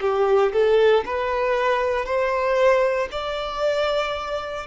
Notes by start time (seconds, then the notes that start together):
0.00 G4
0.52 A4
1.05 B4
2.05 C5
3.11 D5